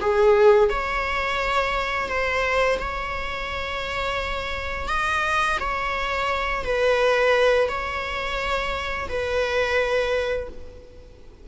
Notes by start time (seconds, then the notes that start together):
0.00 G#4
0.69 C#5
2.08 C5
2.79 C#5
4.88 D#5
5.59 C#5
6.64 B4
7.68 C#5
9.08 B4